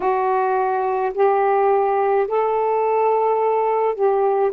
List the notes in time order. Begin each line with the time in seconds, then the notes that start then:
0.00 F#4
1.13 G4
2.27 A4
3.95 G4